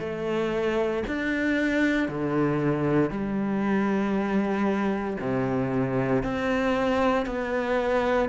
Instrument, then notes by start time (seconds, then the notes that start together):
cello
0.00 A3
1.08 D4
2.09 D3
3.11 G3
5.20 C3
6.24 C4
7.26 B3